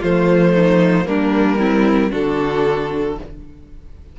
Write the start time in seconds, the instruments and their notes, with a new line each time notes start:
0.00 cello F3, viola A3, violin F4 C5
0.54 violin D#4
1.06 cello G3, viola A#3, violin D4 A#4
1.58 viola C4, violin E4
2.11 cello D3, viola D4, violin F#4 A4